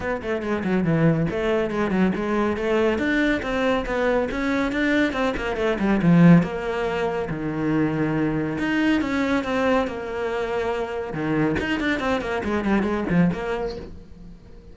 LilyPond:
\new Staff \with { instrumentName = "cello" } { \time 4/4 \tempo 4 = 140 b8 a8 gis8 fis8 e4 a4 | gis8 fis8 gis4 a4 d'4 | c'4 b4 cis'4 d'4 | c'8 ais8 a8 g8 f4 ais4~ |
ais4 dis2. | dis'4 cis'4 c'4 ais4~ | ais2 dis4 dis'8 d'8 | c'8 ais8 gis8 g8 gis8 f8 ais4 | }